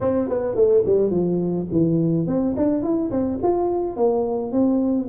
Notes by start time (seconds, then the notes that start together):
0.00 C4
0.29 B3
0.55 A3
0.85 G3
1.10 F3
1.71 E3
2.26 C4
2.56 D4
2.82 E4
3.10 C4
3.42 F4
3.96 A#3
4.51 C4